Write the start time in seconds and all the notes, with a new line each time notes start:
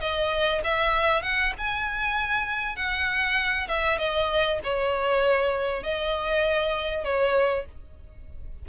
0.00 D#5
0.64 E5
1.22 F#5
1.58 G#5
2.76 F#5
3.68 E5
3.98 D#5
4.63 C#5
5.83 D#5
7.04 C#5